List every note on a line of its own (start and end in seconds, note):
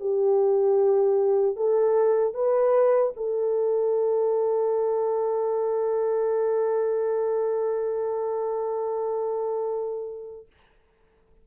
0.00 1.56 G4
1.56 2.34 A4
2.34 3.13 B4
3.17 10.47 A4